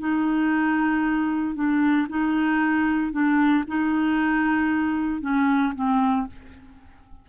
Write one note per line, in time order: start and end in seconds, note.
0.00 1.55 D#4
1.55 2.08 D4
2.09 3.12 D#4
3.12 3.64 D4
3.68 5.22 D#4
5.22 5.74 C#4
5.75 6.28 C4